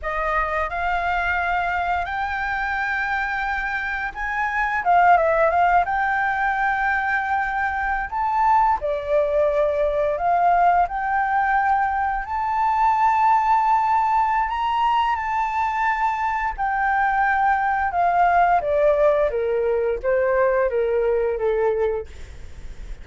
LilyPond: \new Staff \with { instrumentName = "flute" } { \time 4/4 \tempo 4 = 87 dis''4 f''2 g''4~ | g''2 gis''4 f''8 e''8 | f''8 g''2.~ g''16 a''16~ | a''8. d''2 f''4 g''16~ |
g''4.~ g''16 a''2~ a''16~ | a''4 ais''4 a''2 | g''2 f''4 d''4 | ais'4 c''4 ais'4 a'4 | }